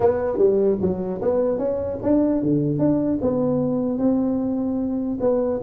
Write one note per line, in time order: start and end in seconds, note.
0.00 0.37 B3
0.37 0.77 G3
0.81 1.21 F#3
1.21 1.58 B3
1.58 1.98 C#4
2.02 2.42 D4
2.42 2.79 D3
2.79 3.19 D4
3.21 3.98 B3
3.98 5.18 C4
5.20 5.60 B3